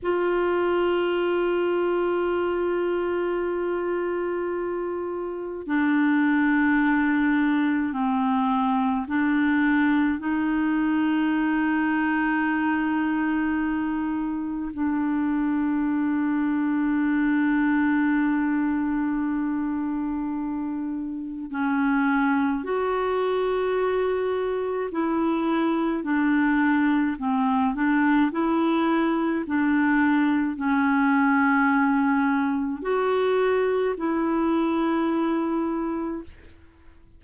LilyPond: \new Staff \with { instrumentName = "clarinet" } { \time 4/4 \tempo 4 = 53 f'1~ | f'4 d'2 c'4 | d'4 dis'2.~ | dis'4 d'2.~ |
d'2. cis'4 | fis'2 e'4 d'4 | c'8 d'8 e'4 d'4 cis'4~ | cis'4 fis'4 e'2 | }